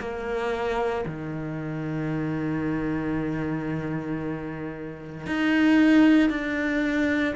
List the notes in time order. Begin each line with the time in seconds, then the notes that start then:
0.00 A#3
1.07 D#3
5.27 D#4
6.30 D4